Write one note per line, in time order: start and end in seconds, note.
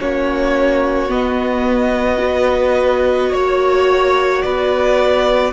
0.00 1.10 A#3
0.00 1.09 C#4
0.00 2.22 F#4
0.00 1.11 C#5
1.09 2.19 B3
1.09 3.32 B3
1.09 3.34 D#5
2.19 5.52 F#4
2.19 3.30 B4
3.30 4.43 A#3
3.30 4.41 C#5
3.30 4.42 C#5
4.42 5.53 B3
4.42 5.53 B4
4.42 5.53 D5